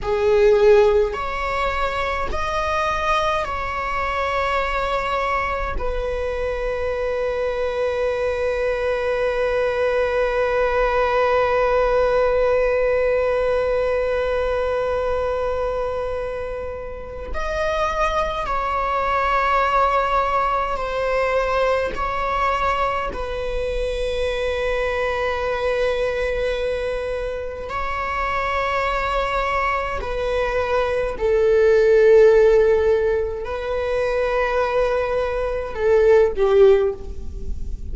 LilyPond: \new Staff \with { instrumentName = "viola" } { \time 4/4 \tempo 4 = 52 gis'4 cis''4 dis''4 cis''4~ | cis''4 b'2.~ | b'1~ | b'2. dis''4 |
cis''2 c''4 cis''4 | b'1 | cis''2 b'4 a'4~ | a'4 b'2 a'8 g'8 | }